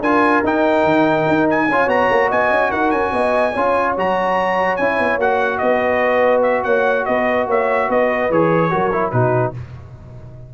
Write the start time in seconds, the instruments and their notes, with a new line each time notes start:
0.00 tuba D4, trombone F4, horn A#4, trumpet G#5
0.43 tuba D#4, trombone D#4, trumpet G5
0.84 tuba D#3
1.28 tuba D#4
1.50 trumpet G#5
1.67 tuba C#4, trombone F4, horn C#5
1.87 tuba B3, trombone F#4, trumpet A#5
2.10 tuba A#3
2.28 tuba B3, horn D#5, trumpet G#5
2.50 tuba C#4
2.70 tuba D#4, horn A#4, trumpet F#5
2.90 tuba C#4, trumpet G#5
3.12 tuba B3, horn D#5
3.53 tuba C#4, trombone F4, horn C#5
3.97 tuba F#3, trombone F#4, trumpet A#5
4.76 tuba C#4, trombone E4, trumpet G#5
4.98 tuba B3
5.18 tuba A#3, trombone F#4, trumpet F#5
5.58 tuba B3, horn B4, trumpet D#5
6.42 trumpet E5
6.63 tuba A#3, horn C#5, trumpet F#5
7.05 tuba B3, horn B4, trumpet D#5
7.46 tuba A#3, horn C#5, trumpet E5
7.89 tuba B3, horn B4, trumpet D#5
8.30 tuba E3, trombone G#4, trumpet C#5
8.70 tuba F#3, trombone F#4, horn A#4
8.92 trombone E4
9.10 tuba B2, trombone D#4, horn F#4, trumpet B4